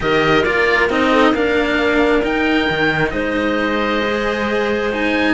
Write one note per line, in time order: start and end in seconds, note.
0.00 0.45 D#3
0.00 0.43 G4
0.00 1.12 A#4
0.00 0.43 D#5
0.43 0.89 A#3
0.43 0.89 F4
0.43 0.88 D5
0.89 1.32 C4
0.89 1.34 D#4
0.89 1.34 D#5
1.12 1.33 A4
1.32 2.21 A#3
1.32 2.22 D4
1.32 3.12 A#4
1.32 2.24 F5
2.22 4.02 D#4
2.22 2.68 D#4
2.22 3.10 G5
2.69 3.12 D#3
3.10 5.33 G#3
3.10 5.33 C5
3.10 4.89 D#5
4.03 4.92 G#4
4.92 5.33 D#4
4.92 5.33 G#5